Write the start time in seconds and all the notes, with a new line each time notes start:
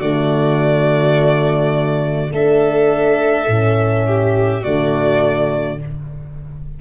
0.00 D3 A3 F#4 D5
2.32 A3 D4 A4 E5
3.48 A2 C#4
4.06 G4
4.62 D3 A3 F#4 D5